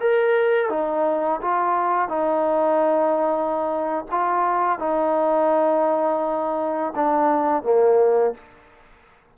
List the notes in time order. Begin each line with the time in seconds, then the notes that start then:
0.00 A#4
0.69 D#4
1.41 F4
2.08 D#4
4.11 F4
4.79 D#4
6.95 D4
7.63 A#3